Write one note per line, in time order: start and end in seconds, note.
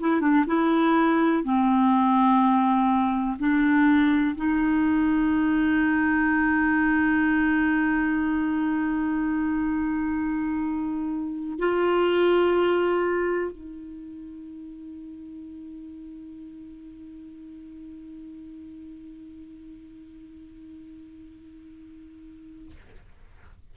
0.00 0.21 E4
0.21 0.45 D4
0.47 1.44 E4
1.44 3.37 C4
3.39 4.36 D4
4.36 11.59 D#4
11.59 13.52 F4
13.52 22.71 D#4